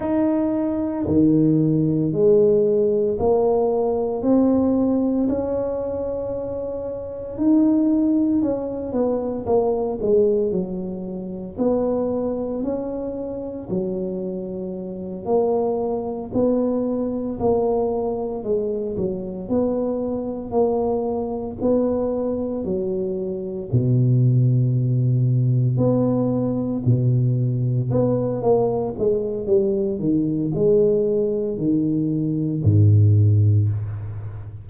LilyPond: \new Staff \with { instrumentName = "tuba" } { \time 4/4 \tempo 4 = 57 dis'4 dis4 gis4 ais4 | c'4 cis'2 dis'4 | cis'8 b8 ais8 gis8 fis4 b4 | cis'4 fis4. ais4 b8~ |
b8 ais4 gis8 fis8 b4 ais8~ | ais8 b4 fis4 b,4.~ | b,8 b4 b,4 b8 ais8 gis8 | g8 dis8 gis4 dis4 gis,4 | }